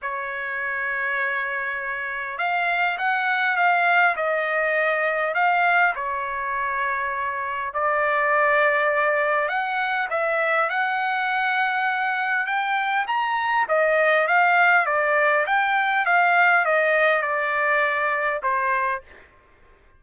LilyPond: \new Staff \with { instrumentName = "trumpet" } { \time 4/4 \tempo 4 = 101 cis''1 | f''4 fis''4 f''4 dis''4~ | dis''4 f''4 cis''2~ | cis''4 d''2. |
fis''4 e''4 fis''2~ | fis''4 g''4 ais''4 dis''4 | f''4 d''4 g''4 f''4 | dis''4 d''2 c''4 | }